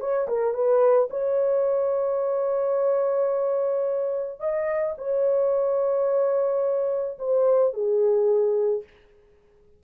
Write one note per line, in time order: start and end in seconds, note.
0.00 0.28 C#5
0.28 0.54 A#4
0.54 1.09 B4
1.10 4.40 C#5
4.40 4.95 D#5
4.98 7.18 C#5
7.18 7.73 C5
7.73 8.83 G#4